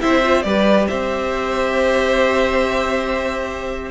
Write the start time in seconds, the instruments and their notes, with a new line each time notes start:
0.00 cello C4, viola E4, violin C5 E5
0.22 viola F4
0.42 cello G3, viola G4, violin B4 D5
0.87 cello C4, violin C5 E5